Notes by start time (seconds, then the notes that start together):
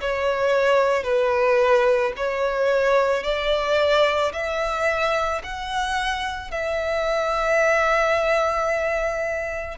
0.00 C#5
1.03 B4
2.16 C#5
3.23 D5
4.32 E5
5.43 F#5
6.51 E5